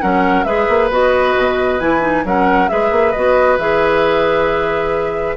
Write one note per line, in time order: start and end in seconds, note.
0.00 0.44 F#3
0.00 0.45 C#4
0.00 0.45 A#4
0.00 0.44 F#5
0.44 0.67 G#3
0.44 0.90 G#4
0.44 2.24 B4
0.44 0.88 E5
0.68 0.90 A#3
0.90 1.35 B3
0.90 1.79 F#4
0.90 1.80 D#5
1.36 1.80 B2
1.79 2.24 E3
1.79 2.00 E4
1.79 2.24 G#5
2.00 2.23 D#4
2.24 2.69 F#3
2.24 2.68 C#4
2.24 2.70 A#4
2.24 2.68 F#5
2.68 2.91 G#3
2.68 3.12 G#4
2.68 5.36 B4
2.68 3.11 E5
2.91 3.13 A#3
3.11 3.58 B3
3.11 3.59 F#4
3.11 3.56 D#5
3.57 5.36 E3
3.57 5.36 G#4
3.57 5.36 E5